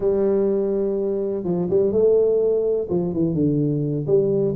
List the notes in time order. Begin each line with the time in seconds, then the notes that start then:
0.00 G3
1.44 F3
1.70 G3
1.92 A3
2.89 F3
3.13 E3
3.34 D3
4.06 G3